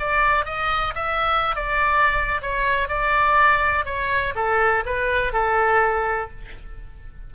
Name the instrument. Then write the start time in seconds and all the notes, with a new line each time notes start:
oboe
0.00 D5
0.46 D#5
0.95 E5
1.56 D5
2.42 C#5
2.89 D5
3.85 C#5
4.35 A4
4.86 B4
5.33 A4